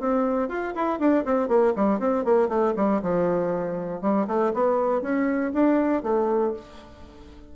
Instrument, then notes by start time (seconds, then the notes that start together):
bassoon
0.00 C4
0.49 F4
0.75 E4
0.99 D4
1.25 C4
1.48 A#3
1.76 G3
2.00 C4
2.25 A#3
2.49 A3
2.77 G3
3.02 F3
4.02 G3
4.28 A3
4.54 B3
5.02 C#4
5.54 D4
6.03 A3